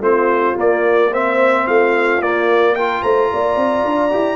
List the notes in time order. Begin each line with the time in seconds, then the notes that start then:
0.00 A3 C4 F4 C5
0.56 A#3 D5
1.10 C4 C5 E5
1.66 A3 F4 F5
2.20 A#3 D5
2.75 F4 A#4 G5
3.02 A3 C5 A#5
3.32 A#3 D5
3.56 C4
3.85 D4
4.10 E4 G4